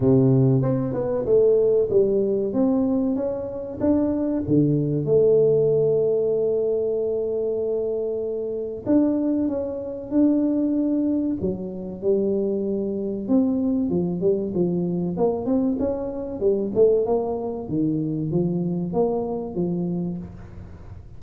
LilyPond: \new Staff \with { instrumentName = "tuba" } { \time 4/4 \tempo 4 = 95 c4 c'8 b8 a4 g4 | c'4 cis'4 d'4 d4 | a1~ | a2 d'4 cis'4 |
d'2 fis4 g4~ | g4 c'4 f8 g8 f4 | ais8 c'8 cis'4 g8 a8 ais4 | dis4 f4 ais4 f4 | }